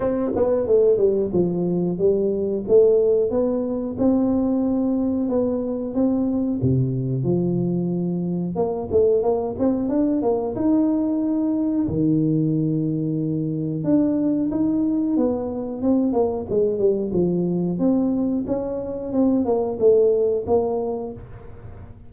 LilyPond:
\new Staff \with { instrumentName = "tuba" } { \time 4/4 \tempo 4 = 91 c'8 b8 a8 g8 f4 g4 | a4 b4 c'2 | b4 c'4 c4 f4~ | f4 ais8 a8 ais8 c'8 d'8 ais8 |
dis'2 dis2~ | dis4 d'4 dis'4 b4 | c'8 ais8 gis8 g8 f4 c'4 | cis'4 c'8 ais8 a4 ais4 | }